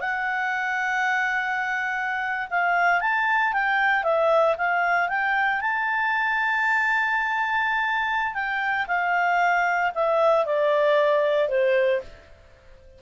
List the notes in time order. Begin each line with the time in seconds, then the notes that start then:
0.00 F#5
2.50 F5
3.00 A5
3.53 G5
4.03 E5
4.57 F5
5.08 G5
5.61 A5
8.34 G5
8.87 F5
9.94 E5
10.45 D5
11.49 C5